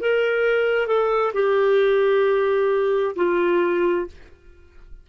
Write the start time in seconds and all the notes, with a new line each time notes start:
0.00 A#4
0.87 A4
1.33 G4
3.16 F4